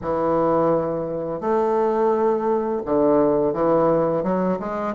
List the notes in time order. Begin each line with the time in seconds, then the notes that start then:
0.01 E3
1.40 A3
2.85 D3
3.53 E3
4.23 F#3
4.59 G#3